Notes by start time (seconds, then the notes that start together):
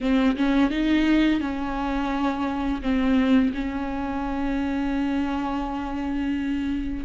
0.00 C4
0.36 C#4
0.70 D#4
1.40 C#4
2.82 C4
3.54 C#4